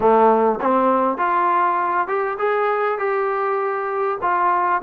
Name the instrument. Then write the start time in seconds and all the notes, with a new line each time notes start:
trombone
0.00 A3
0.61 C4
1.17 F4
2.07 G4
2.38 G#4
2.98 G4
4.21 F4